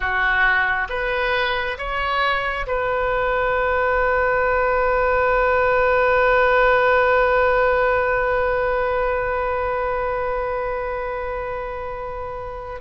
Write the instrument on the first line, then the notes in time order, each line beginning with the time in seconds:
oboe
0.00 F#4
0.89 B4
1.78 C#5
2.67 B4